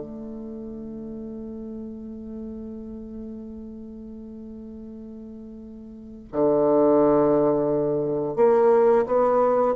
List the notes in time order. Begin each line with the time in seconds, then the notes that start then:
0.00 A3
6.32 D3
8.36 A#3
9.06 B3